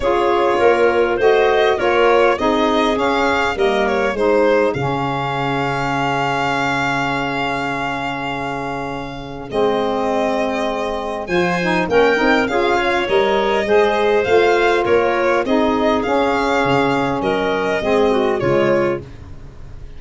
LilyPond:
<<
  \new Staff \with { instrumentName = "violin" } { \time 4/4 \tempo 4 = 101 cis''2 dis''4 cis''4 | dis''4 f''4 dis''8 cis''8 c''4 | f''1~ | f''1 |
dis''2. gis''4 | g''4 f''4 dis''2 | f''4 cis''4 dis''4 f''4~ | f''4 dis''2 cis''4 | }
  \new Staff \with { instrumentName = "clarinet" } { \time 4/4 gis'4 ais'4 c''4 ais'4 | gis'2 ais'4 gis'4~ | gis'1~ | gis'1~ |
gis'2. c''4 | ais'4 gis'8 cis''4. c''4~ | c''4 ais'4 gis'2~ | gis'4 ais'4 gis'8 fis'8 f'4 | }
  \new Staff \with { instrumentName = "saxophone" } { \time 4/4 f'2 fis'4 f'4 | dis'4 cis'4 ais4 dis'4 | cis'1~ | cis'1 |
c'2. f'8 dis'8 | cis'8 dis'8 f'4 ais'4 gis'4 | f'2 dis'4 cis'4~ | cis'2 c'4 gis4 | }
  \new Staff \with { instrumentName = "tuba" } { \time 4/4 cis'4 ais4 a4 ais4 | c'4 cis'4 g4 gis4 | cis1~ | cis1 |
gis2. f4 | ais8 c'8 cis'4 g4 gis4 | a4 ais4 c'4 cis'4 | cis4 fis4 gis4 cis4 | }
>>